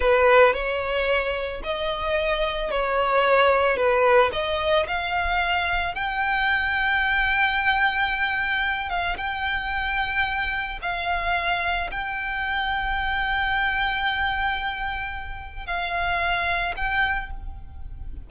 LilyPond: \new Staff \with { instrumentName = "violin" } { \time 4/4 \tempo 4 = 111 b'4 cis''2 dis''4~ | dis''4 cis''2 b'4 | dis''4 f''2 g''4~ | g''1~ |
g''8 f''8 g''2. | f''2 g''2~ | g''1~ | g''4 f''2 g''4 | }